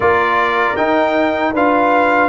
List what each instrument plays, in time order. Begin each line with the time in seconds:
0.00 tuba A#3, trombone F4, horn A#4, trumpet D5
0.76 tuba D#4, trombone D#4, trumpet G5
1.52 tuba D4, trombone F4, horn B4, trumpet F5